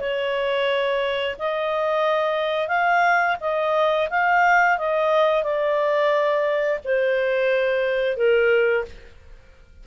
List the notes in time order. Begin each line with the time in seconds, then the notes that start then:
0.00 C#5
1.39 D#5
2.68 F5
3.41 D#5
4.10 F5
4.78 D#5
5.44 D5
6.84 C5
8.17 A#4